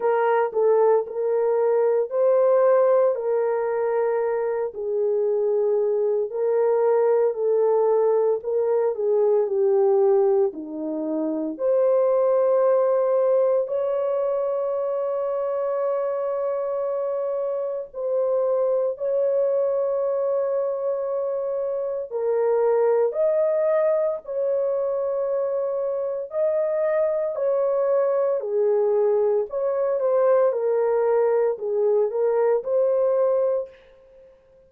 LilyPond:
\new Staff \with { instrumentName = "horn" } { \time 4/4 \tempo 4 = 57 ais'8 a'8 ais'4 c''4 ais'4~ | ais'8 gis'4. ais'4 a'4 | ais'8 gis'8 g'4 dis'4 c''4~ | c''4 cis''2.~ |
cis''4 c''4 cis''2~ | cis''4 ais'4 dis''4 cis''4~ | cis''4 dis''4 cis''4 gis'4 | cis''8 c''8 ais'4 gis'8 ais'8 c''4 | }